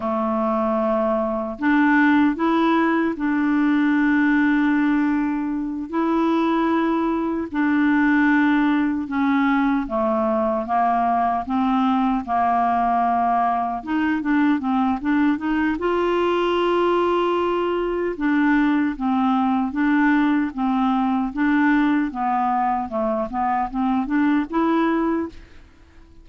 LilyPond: \new Staff \with { instrumentName = "clarinet" } { \time 4/4 \tempo 4 = 76 a2 d'4 e'4 | d'2.~ d'8 e'8~ | e'4. d'2 cis'8~ | cis'8 a4 ais4 c'4 ais8~ |
ais4. dis'8 d'8 c'8 d'8 dis'8 | f'2. d'4 | c'4 d'4 c'4 d'4 | b4 a8 b8 c'8 d'8 e'4 | }